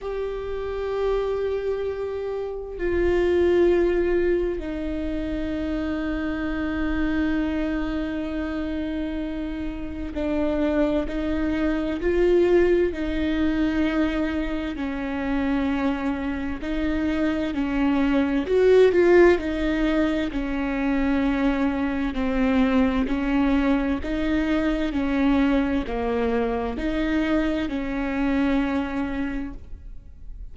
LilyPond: \new Staff \with { instrumentName = "viola" } { \time 4/4 \tempo 4 = 65 g'2. f'4~ | f'4 dis'2.~ | dis'2. d'4 | dis'4 f'4 dis'2 |
cis'2 dis'4 cis'4 | fis'8 f'8 dis'4 cis'2 | c'4 cis'4 dis'4 cis'4 | ais4 dis'4 cis'2 | }